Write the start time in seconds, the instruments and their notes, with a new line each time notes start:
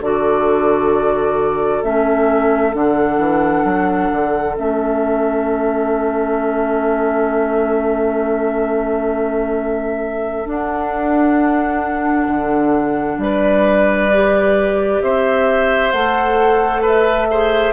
0.00 bassoon D3, clarinet F#4, oboe A4, flute D5
1.83 bassoon A3, clarinet C#4, flute E5
2.72 bassoon D3, clarinet D4, flute F#5
3.18 bassoon E3
3.64 bassoon F#3
4.12 bassoon D3
4.57 bassoon A3, clarinet C#4, flute E5
10.45 clarinet D4, bassoon D4, flute F#5
12.27 bassoon D3
13.17 bassoon G3, oboe B4, flute D5
14.13 clarinet G4
15.01 bassoon C4, oboe C5, flute E5
15.91 bassoon A3, clarinet A4, flute F#5
16.81 oboe B4, flute E5
17.30 clarinet G#4, oboe C5